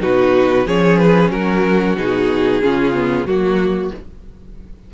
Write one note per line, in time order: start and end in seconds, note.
0.00 0.67 B2
0.00 0.65 D#4
0.00 0.67 F#4
0.00 0.68 B4
0.67 1.31 F3
0.67 1.97 C#4
0.67 1.32 G#4
0.67 0.98 C#5
0.98 1.31 B4
1.31 1.96 F#3
1.31 2.63 F#4
1.31 1.97 A#4
1.96 2.61 B2
1.96 2.62 D#4
1.96 3.26 G#4
2.63 3.26 C#3
2.63 2.94 C#4
2.63 3.28 F4
2.94 3.26 B3
3.26 3.91 F#3
3.26 3.94 A#3
3.26 3.92 F#4
3.26 3.94 F#4